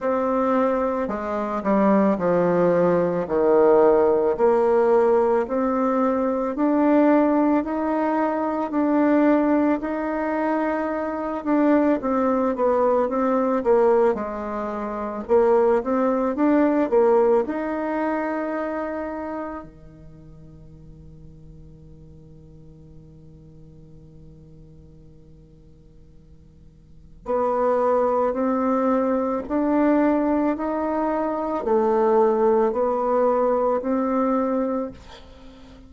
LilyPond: \new Staff \with { instrumentName = "bassoon" } { \time 4/4 \tempo 4 = 55 c'4 gis8 g8 f4 dis4 | ais4 c'4 d'4 dis'4 | d'4 dis'4. d'8 c'8 b8 | c'8 ais8 gis4 ais8 c'8 d'8 ais8 |
dis'2 dis2~ | dis1~ | dis4 b4 c'4 d'4 | dis'4 a4 b4 c'4 | }